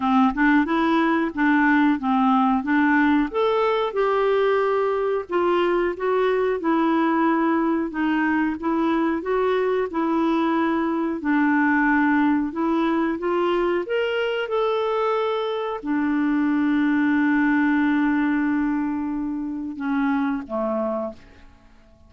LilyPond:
\new Staff \with { instrumentName = "clarinet" } { \time 4/4 \tempo 4 = 91 c'8 d'8 e'4 d'4 c'4 | d'4 a'4 g'2 | f'4 fis'4 e'2 | dis'4 e'4 fis'4 e'4~ |
e'4 d'2 e'4 | f'4 ais'4 a'2 | d'1~ | d'2 cis'4 a4 | }